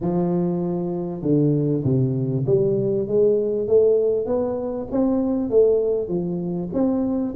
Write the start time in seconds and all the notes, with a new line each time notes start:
0.01 F3
1.21 D3
1.84 C3
2.46 G3
3.08 G#3
3.67 A3
4.26 B3
4.91 C4
5.50 A3
6.08 F3
6.73 C4